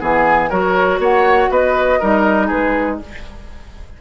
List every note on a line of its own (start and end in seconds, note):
0.00 0.51 E3
0.00 0.50 B3
0.00 0.50 G#4
0.00 0.51 G#5
0.50 0.99 F#3
0.50 2.01 F#4
0.50 1.00 A#4
0.50 1.01 C#5
0.99 1.49 A#3
0.99 1.51 C#5
0.99 1.52 F#5
1.50 2.00 B3
1.50 2.00 B4
1.50 2.49 D#5
2.00 2.51 G3
2.00 3.01 D#4
2.00 2.47 A#4
2.47 3.01 G#3
2.47 2.97 G#4
2.47 2.99 B4